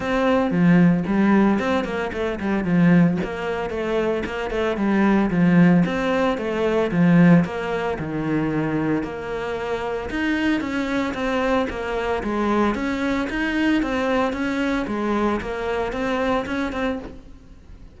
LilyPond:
\new Staff \with { instrumentName = "cello" } { \time 4/4 \tempo 4 = 113 c'4 f4 g4 c'8 ais8 | a8 g8 f4 ais4 a4 | ais8 a8 g4 f4 c'4 | a4 f4 ais4 dis4~ |
dis4 ais2 dis'4 | cis'4 c'4 ais4 gis4 | cis'4 dis'4 c'4 cis'4 | gis4 ais4 c'4 cis'8 c'8 | }